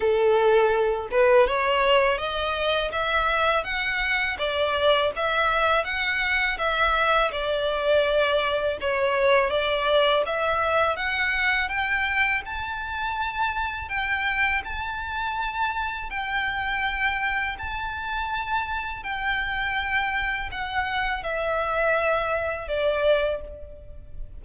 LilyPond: \new Staff \with { instrumentName = "violin" } { \time 4/4 \tempo 4 = 82 a'4. b'8 cis''4 dis''4 | e''4 fis''4 d''4 e''4 | fis''4 e''4 d''2 | cis''4 d''4 e''4 fis''4 |
g''4 a''2 g''4 | a''2 g''2 | a''2 g''2 | fis''4 e''2 d''4 | }